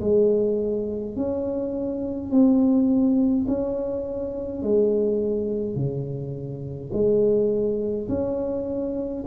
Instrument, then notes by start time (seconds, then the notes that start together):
tuba
0.00 G#3
1.15 C#4
2.30 C4
3.47 C#4
4.62 G#3
5.75 C#3
6.92 G#3
8.08 C#4